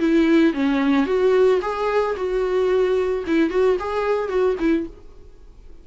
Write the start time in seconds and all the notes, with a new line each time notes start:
0.00 E4
0.54 C#4
1.07 F#4
1.62 G#4
2.17 F#4
3.27 E4
3.50 F#4
3.80 G#4
4.29 F#4
4.60 E4